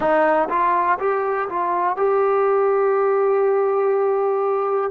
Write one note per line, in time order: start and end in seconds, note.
0.00 0.48 D#4
0.49 0.98 F4
0.99 1.48 G4
1.49 1.96 F4
1.96 4.90 G4